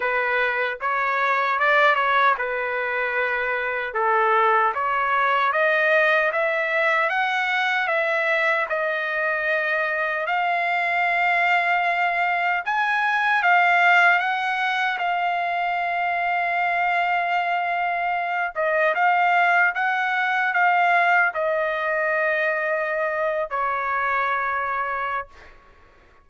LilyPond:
\new Staff \with { instrumentName = "trumpet" } { \time 4/4 \tempo 4 = 76 b'4 cis''4 d''8 cis''8 b'4~ | b'4 a'4 cis''4 dis''4 | e''4 fis''4 e''4 dis''4~ | dis''4 f''2. |
gis''4 f''4 fis''4 f''4~ | f''2.~ f''8 dis''8 | f''4 fis''4 f''4 dis''4~ | dis''4.~ dis''16 cis''2~ cis''16 | }